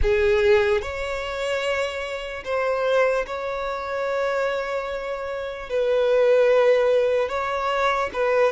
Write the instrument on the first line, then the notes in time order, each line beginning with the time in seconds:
violin
0.02 G#4
0.81 C#5
2.44 C5
3.26 C#5
5.69 B4
7.29 C#5
8.13 B4